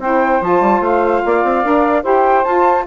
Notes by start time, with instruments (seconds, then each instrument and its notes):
0.00 bassoon C4, saxophone E4 C5, flute G5
0.42 bassoon F3, saxophone F4, flute A5
0.61 bassoon G3
0.81 bassoon A3, flute F5
1.25 bassoon A#3, saxophone D5
1.44 bassoon C4
1.64 bassoon D4, saxophone A#4
2.03 bassoon E4, saxophone G4 C5, flute G5
2.45 bassoon F4, saxophone F4, flute A5